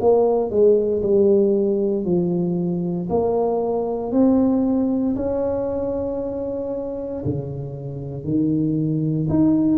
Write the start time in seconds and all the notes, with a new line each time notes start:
0.00 A#3
0.50 G#3
1.02 G3
2.05 F3
3.09 A#3
4.12 C4
5.16 C#4
7.25 C#3
8.24 D#3
9.29 D#4